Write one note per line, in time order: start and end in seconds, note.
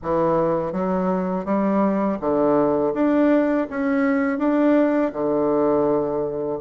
0.02 0.72 E3
0.72 1.45 F#3
1.45 2.18 G3
2.20 2.93 D3
2.94 3.67 D4
3.70 4.38 C#4
4.38 5.11 D4
5.13 6.59 D3